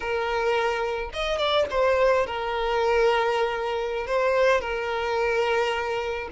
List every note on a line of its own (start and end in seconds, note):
0.00 1.10 A#4
1.13 1.38 D#5
1.38 1.66 D5
1.70 2.26 C5
2.26 4.07 A#4
4.07 4.60 C5
4.60 6.29 A#4